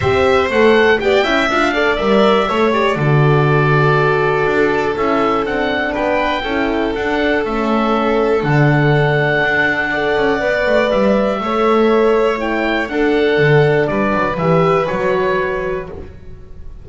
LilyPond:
<<
  \new Staff \with { instrumentName = "oboe" } { \time 4/4 \tempo 4 = 121 e''4 fis''4 g''4 f''4 | e''4. d''2~ d''8~ | d''2 e''4 fis''4 | g''2 fis''4 e''4~ |
e''4 fis''2.~ | fis''2 e''2~ | e''4 g''4 fis''2 | d''4 e''4 cis''2 | }
  \new Staff \with { instrumentName = "violin" } { \time 4/4 c''2 d''8 e''4 d''8~ | d''4 cis''4 a'2~ | a'1 | b'4 a'2.~ |
a'1 | d''2. cis''4~ | cis''2 a'2 | b'1 | }
  \new Staff \with { instrumentName = "horn" } { \time 4/4 g'4 a'4 g'8 e'8 f'8 a'8 | ais'4 a'8 g'8 fis'2~ | fis'2 e'4 d'4~ | d'4 e'4 d'4 cis'4~ |
cis'4 d'2. | a'4 b'2 a'4~ | a'4 e'4 d'2~ | d'4 g'4 fis'2 | }
  \new Staff \with { instrumentName = "double bass" } { \time 4/4 c'4 a4 b8 cis'8 d'4 | g4 a4 d2~ | d4 d'4 cis'4 c'4 | b4 cis'4 d'4 a4~ |
a4 d2 d'4~ | d'8 cis'8 b8 a8 g4 a4~ | a2 d'4 d4 | g8 fis8 e4 fis2 | }
>>